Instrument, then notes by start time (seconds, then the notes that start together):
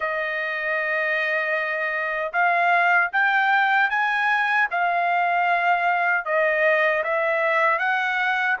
trumpet
0.00 D#5
2.32 F5
3.12 G5
3.90 G#5
4.70 F5
6.25 D#5
7.03 E5
7.79 F#5